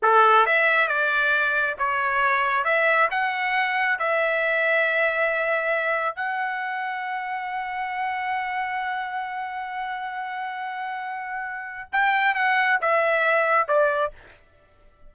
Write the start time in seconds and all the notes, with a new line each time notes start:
0.02 A4
0.46 E5
0.87 D5
1.78 C#5
2.64 E5
3.10 F#5
3.98 E5
6.15 F#5
11.92 G5
12.34 F#5
12.81 E5
13.67 D5